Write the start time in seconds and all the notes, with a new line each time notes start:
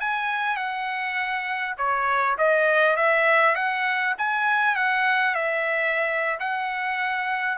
0.00 G#5
0.56 F#5
1.78 C#5
2.38 D#5
2.96 E5
3.55 F#5
4.18 G#5
4.76 F#5
5.35 E5
6.40 F#5